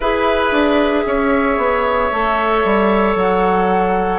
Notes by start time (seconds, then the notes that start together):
0.00 E4 G#4 B4 E5
0.51 D4
1.05 C#4 C#5
1.57 B3
2.11 A3 A4
2.64 G3
3.15 F#3 F#5